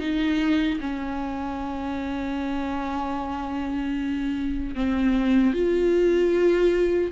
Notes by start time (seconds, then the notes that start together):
0.00 D#4
0.80 C#4
4.75 C4
5.53 F4